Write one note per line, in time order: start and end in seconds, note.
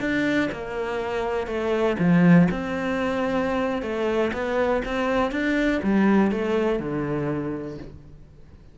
0.00 0.49 D4
0.52 1.47 A#3
1.47 1.96 A3
1.99 2.48 F3
2.51 3.82 C4
3.82 4.31 A3
4.33 4.82 B3
4.85 5.31 C4
5.31 5.80 D4
5.83 6.31 G3
6.31 6.79 A3
6.79 7.78 D3